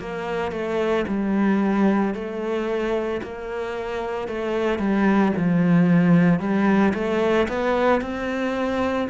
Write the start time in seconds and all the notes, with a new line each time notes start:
0.00 A#3
0.52 A3
1.08 G3
2.14 A3
3.23 A#3
4.28 A3
4.79 G3
5.37 F3
6.40 G3
6.94 A3
7.49 B3
8.01 C4